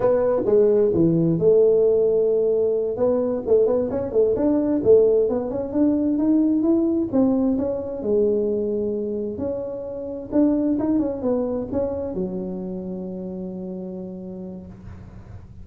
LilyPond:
\new Staff \with { instrumentName = "tuba" } { \time 4/4 \tempo 4 = 131 b4 gis4 e4 a4~ | a2~ a8 b4 a8 | b8 cis'8 a8 d'4 a4 b8 | cis'8 d'4 dis'4 e'4 c'8~ |
c'8 cis'4 gis2~ gis8~ | gis8 cis'2 d'4 dis'8 | cis'8 b4 cis'4 fis4.~ | fis1 | }